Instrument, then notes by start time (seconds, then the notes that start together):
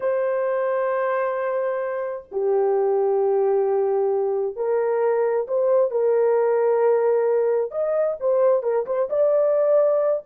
horn
0.00 C5
2.31 G4
4.56 A#4
5.47 C5
5.90 A#4
7.71 D#5
8.19 C5
8.62 A#4
8.86 C5
9.09 D5